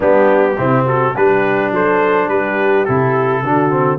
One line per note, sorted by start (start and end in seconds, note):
0.00 0.57 G3
0.00 0.56 B3
0.00 0.55 D4
0.00 0.86 G4
0.57 1.15 C3
0.57 1.14 C4
0.57 0.85 E4
0.85 1.14 F#4
0.85 1.15 A4
1.15 1.71 G3
1.15 2.87 D4
1.15 1.72 G4
1.15 1.73 B4
1.71 2.28 F#3
1.71 2.27 A4
1.71 2.28 C5
2.27 2.85 G3
2.27 3.41 G4
2.27 2.85 B4
2.85 3.43 C3
2.85 3.44 E4
2.85 3.98 A4
3.43 3.98 D3
3.43 3.70 D4
3.43 3.98 F#4
3.70 3.98 C4